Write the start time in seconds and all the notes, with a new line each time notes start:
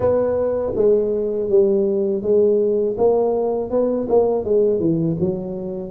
0.00 B3
0.75 G#3
1.48 G3
2.22 G#3
2.97 A#3
3.70 B3
4.08 A#3
4.44 G#3
4.79 E3
5.20 F#3